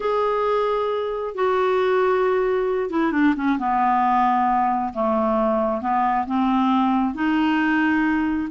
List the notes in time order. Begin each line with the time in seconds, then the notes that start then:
0.00 G#4
1.34 F#4
2.89 E4
3.12 D4
3.36 C#4
3.58 B3
4.93 A3
5.81 B3
6.26 C4
7.14 D#4